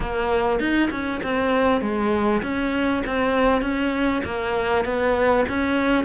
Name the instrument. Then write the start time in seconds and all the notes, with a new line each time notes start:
cello
0.00 A#3
0.59 D#4
0.90 C#4
1.23 C4
1.81 G#3
2.42 C#4
3.06 C4
3.61 C#4
4.24 A#3
4.84 B3
5.48 C#4